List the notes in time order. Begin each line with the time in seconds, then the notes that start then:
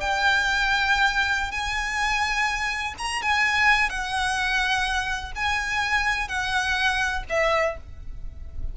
0.00 G5
1.51 G#5
2.98 A#5
3.22 G#5
3.89 F#5
5.35 G#5
6.28 F#5
7.29 E5